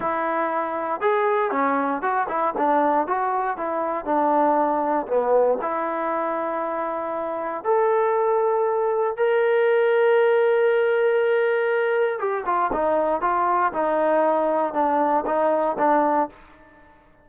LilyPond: \new Staff \with { instrumentName = "trombone" } { \time 4/4 \tempo 4 = 118 e'2 gis'4 cis'4 | fis'8 e'8 d'4 fis'4 e'4 | d'2 b4 e'4~ | e'2. a'4~ |
a'2 ais'2~ | ais'1 | g'8 f'8 dis'4 f'4 dis'4~ | dis'4 d'4 dis'4 d'4 | }